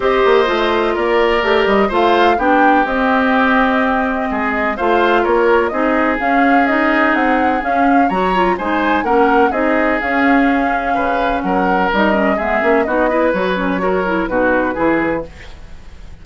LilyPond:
<<
  \new Staff \with { instrumentName = "flute" } { \time 4/4 \tempo 4 = 126 dis''2 d''4. dis''8 | f''4 g''4 dis''2~ | dis''2 f''4 cis''4 | dis''4 f''4 dis''4 fis''4 |
f''4 ais''4 gis''4 fis''4 | dis''4 f''2. | fis''4 dis''4 e''4 dis''4 | cis''2 b'2 | }
  \new Staff \with { instrumentName = "oboe" } { \time 4/4 c''2 ais'2 | c''4 g'2.~ | g'4 gis'4 c''4 ais'4 | gis'1~ |
gis'4 cis''4 c''4 ais'4 | gis'2. b'4 | ais'2 gis'4 fis'8 b'8~ | b'4 ais'4 fis'4 gis'4 | }
  \new Staff \with { instrumentName = "clarinet" } { \time 4/4 g'4 f'2 g'4 | f'4 d'4 c'2~ | c'2 f'2 | dis'4 cis'4 dis'2 |
cis'4 fis'8 f'8 dis'4 cis'4 | dis'4 cis'2.~ | cis'4 dis'8 cis'8 b8 cis'8 dis'8 e'8 | fis'8 cis'8 fis'8 e'8 dis'4 e'4 | }
  \new Staff \with { instrumentName = "bassoon" } { \time 4/4 c'8 ais8 a4 ais4 a8 g8 | a4 b4 c'2~ | c'4 gis4 a4 ais4 | c'4 cis'2 c'4 |
cis'4 fis4 gis4 ais4 | c'4 cis'2 cis4 | fis4 g4 gis8 ais8 b4 | fis2 b,4 e4 | }
>>